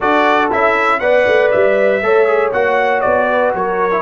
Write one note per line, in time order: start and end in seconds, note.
0.00 0.51 D4
0.00 0.51 F#4
0.00 0.99 A4
0.00 0.51 D5
0.51 1.00 C#4
0.51 1.01 E4
0.51 0.99 E5
0.99 1.25 B3
0.99 2.01 B4
0.99 2.01 D5
0.99 1.49 F#5
1.27 1.52 A3
1.51 2.02 G3
1.51 2.52 E5
2.02 2.52 A3
2.02 2.26 A4
2.02 3.30 C#5
2.26 2.51 G#4
2.52 3.03 A#3
2.52 3.91 F#4
2.52 3.00 F#5
3.00 3.53 B3
3.00 3.51 D5
3.30 3.55 B4
3.53 4.02 F#3
3.53 4.02 A#4
3.53 4.02 C#5
3.91 4.02 E4